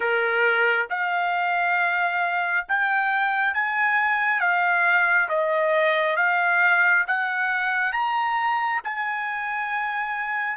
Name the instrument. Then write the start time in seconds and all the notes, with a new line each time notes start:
trumpet
0.00 A#4
0.89 F5
2.68 G5
3.53 G#5
4.40 F5
5.28 D#5
6.16 F5
7.07 F#5
7.92 A#5
8.84 G#5